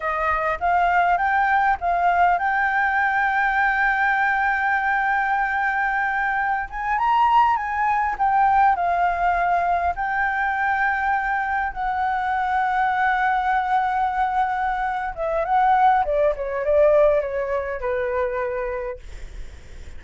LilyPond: \new Staff \with { instrumentName = "flute" } { \time 4/4 \tempo 4 = 101 dis''4 f''4 g''4 f''4 | g''1~ | g''2.~ g''16 gis''8 ais''16~ | ais''8. gis''4 g''4 f''4~ f''16~ |
f''8. g''2. fis''16~ | fis''1~ | fis''4. e''8 fis''4 d''8 cis''8 | d''4 cis''4 b'2 | }